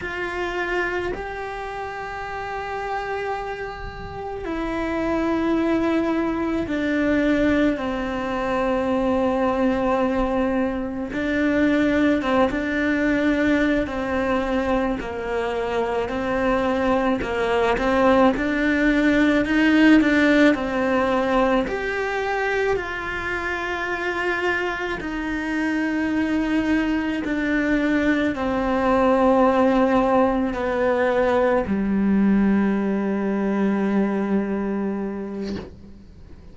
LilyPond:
\new Staff \with { instrumentName = "cello" } { \time 4/4 \tempo 4 = 54 f'4 g'2. | e'2 d'4 c'4~ | c'2 d'4 c'16 d'8.~ | d'8 c'4 ais4 c'4 ais8 |
c'8 d'4 dis'8 d'8 c'4 g'8~ | g'8 f'2 dis'4.~ | dis'8 d'4 c'2 b8~ | b8 g2.~ g8 | }